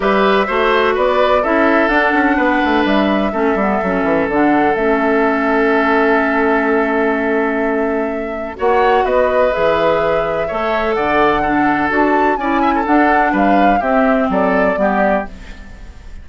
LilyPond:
<<
  \new Staff \with { instrumentName = "flute" } { \time 4/4 \tempo 4 = 126 e''2 d''4 e''4 | fis''2 e''2~ | e''4 fis''4 e''2~ | e''1~ |
e''2 fis''4 dis''4 | e''2. fis''4~ | fis''4 a''4 gis''4 fis''4 | f''4 e''4 d''2 | }
  \new Staff \with { instrumentName = "oboe" } { \time 4/4 b'4 c''4 b'4 a'4~ | a'4 b'2 a'4~ | a'1~ | a'1~ |
a'2 cis''4 b'4~ | b'2 cis''4 d''4 | a'2 d''8 e''16 a'4~ a'16 | b'4 g'4 a'4 g'4 | }
  \new Staff \with { instrumentName = "clarinet" } { \time 4/4 g'4 fis'2 e'4 | d'2. cis'8 b8 | cis'4 d'4 cis'2~ | cis'1~ |
cis'2 fis'2 | gis'2 a'2 | d'4 fis'4 e'4 d'4~ | d'4 c'2 b4 | }
  \new Staff \with { instrumentName = "bassoon" } { \time 4/4 g4 a4 b4 cis'4 | d'8 cis'8 b8 a8 g4 a8 g8 | fis8 e8 d4 a2~ | a1~ |
a2 ais4 b4 | e2 a4 d4~ | d4 d'4 cis'4 d'4 | g4 c'4 fis4 g4 | }
>>